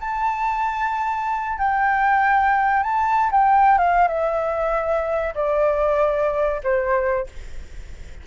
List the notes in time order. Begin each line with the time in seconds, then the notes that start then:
0.00 A5
1.58 G5
2.82 A5
3.31 G5
3.78 F5
4.07 E5
5.34 D5
6.63 C5